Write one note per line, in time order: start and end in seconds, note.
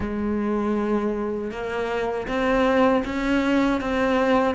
0.00 1.51 G#3
1.51 2.27 A#3
2.27 3.03 C4
3.04 3.80 C#4
3.80 4.55 C4